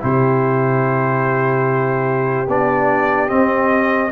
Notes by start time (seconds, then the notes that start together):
0.00 C3 E4 G4 C5
2.47 B3 D4 D5
3.28 C4 D#5